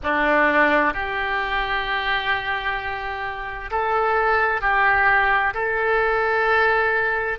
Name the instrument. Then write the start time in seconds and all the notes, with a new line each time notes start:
oboe
0.03 D4
0.93 G4
3.70 A4
4.61 G4
5.54 A4